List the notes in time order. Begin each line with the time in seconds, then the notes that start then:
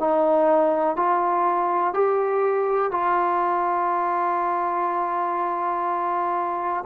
0.00 D#4
0.97 F4
1.94 G4
2.92 F4